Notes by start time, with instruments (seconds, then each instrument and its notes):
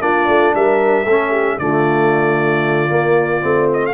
0.00 tuba A#3, trombone D4, horn F4, trumpet D5
0.28 tuba A3
0.55 tuba G3, horn A#4, trumpet E5
1.05 tuba A3, trombone C#4, horn A4
1.31 horn G4
1.59 tuba D3, trombone A3, horn F4, trumpet D5
2.89 trombone A#3, tuba A#3
3.41 tuba A3, trombone C4
3.74 trumpet D#5
3.86 trumpet F5